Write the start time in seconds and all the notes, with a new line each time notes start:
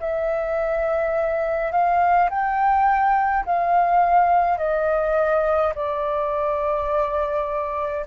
0.00 E5
1.72 F5
2.30 G5
3.46 F5
4.58 D#5
5.75 D5